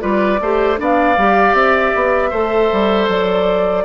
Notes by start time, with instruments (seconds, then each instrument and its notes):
0.00 bassoon G3, clarinet F4, oboe B4, flute D5
0.41 bassoon A3, clarinet G4, oboe C5
0.77 bassoon B3, clarinet D4, oboe D5
0.84 flute F5
1.18 bassoon G3, clarinet G4
1.54 bassoon C4, flute E5
1.96 bassoon B3
2.30 bassoon A3, clarinet A4, oboe C5
2.72 bassoon G3
3.09 bassoon F#3, flute D5